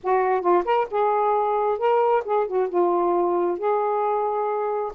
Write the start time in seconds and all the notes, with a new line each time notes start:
0.03 F#4
0.41 F4
0.64 A#4
0.91 G#4
1.78 A#4
2.24 G#4
2.47 F#4
2.68 F4
3.58 G#4